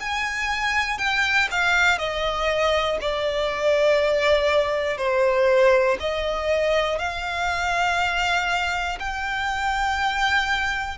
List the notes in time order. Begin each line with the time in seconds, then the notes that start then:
0.00 G#5
0.98 G5
1.51 F5
1.99 D#5
3.01 D5
4.97 C5
6.00 D#5
6.99 F5
9.00 G5